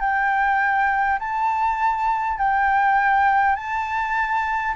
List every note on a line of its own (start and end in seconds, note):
0.00 1.19 G5
1.19 2.38 A5
2.38 3.56 G5
3.56 4.75 A5